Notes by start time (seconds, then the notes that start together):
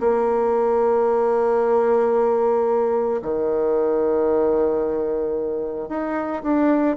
0.00 A#3
3.22 D#3
5.89 D#4
6.43 D4